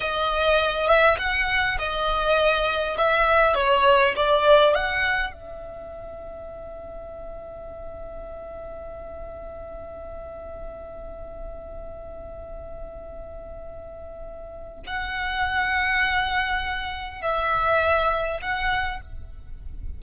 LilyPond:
\new Staff \with { instrumentName = "violin" } { \time 4/4 \tempo 4 = 101 dis''4. e''8 fis''4 dis''4~ | dis''4 e''4 cis''4 d''4 | fis''4 e''2.~ | e''1~ |
e''1~ | e''1~ | e''4 fis''2.~ | fis''4 e''2 fis''4 | }